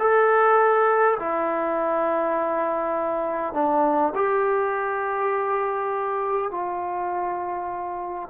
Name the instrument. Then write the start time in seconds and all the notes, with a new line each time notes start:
trombone
0.00 A4
1.20 E4
3.54 D4
4.16 G4
6.52 F4